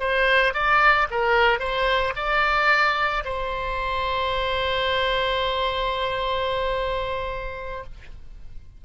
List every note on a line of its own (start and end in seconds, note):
0.00 0.54 C5
0.54 1.08 D5
1.11 1.60 A#4
1.60 2.14 C5
2.16 3.24 D5
3.25 7.84 C5